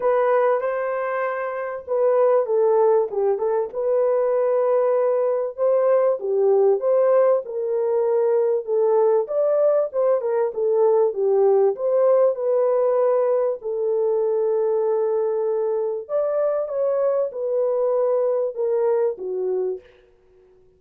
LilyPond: \new Staff \with { instrumentName = "horn" } { \time 4/4 \tempo 4 = 97 b'4 c''2 b'4 | a'4 g'8 a'8 b'2~ | b'4 c''4 g'4 c''4 | ais'2 a'4 d''4 |
c''8 ais'8 a'4 g'4 c''4 | b'2 a'2~ | a'2 d''4 cis''4 | b'2 ais'4 fis'4 | }